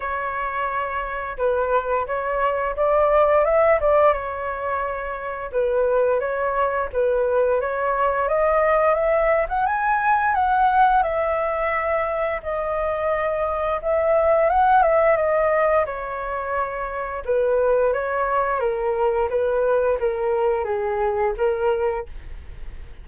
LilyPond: \new Staff \with { instrumentName = "flute" } { \time 4/4 \tempo 4 = 87 cis''2 b'4 cis''4 | d''4 e''8 d''8 cis''2 | b'4 cis''4 b'4 cis''4 | dis''4 e''8. fis''16 gis''4 fis''4 |
e''2 dis''2 | e''4 fis''8 e''8 dis''4 cis''4~ | cis''4 b'4 cis''4 ais'4 | b'4 ais'4 gis'4 ais'4 | }